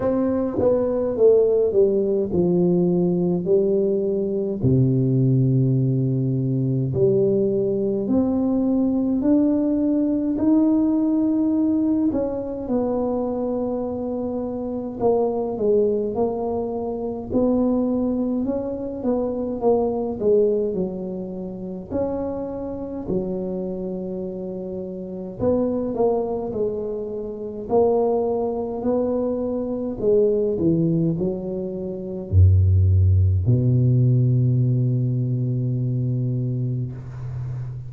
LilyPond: \new Staff \with { instrumentName = "tuba" } { \time 4/4 \tempo 4 = 52 c'8 b8 a8 g8 f4 g4 | c2 g4 c'4 | d'4 dis'4. cis'8 b4~ | b4 ais8 gis8 ais4 b4 |
cis'8 b8 ais8 gis8 fis4 cis'4 | fis2 b8 ais8 gis4 | ais4 b4 gis8 e8 fis4 | fis,4 b,2. | }